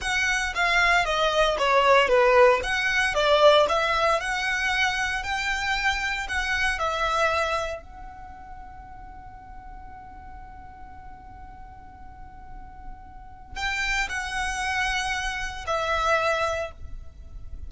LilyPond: \new Staff \with { instrumentName = "violin" } { \time 4/4 \tempo 4 = 115 fis''4 f''4 dis''4 cis''4 | b'4 fis''4 d''4 e''4 | fis''2 g''2 | fis''4 e''2 fis''4~ |
fis''1~ | fis''1~ | fis''2 g''4 fis''4~ | fis''2 e''2 | }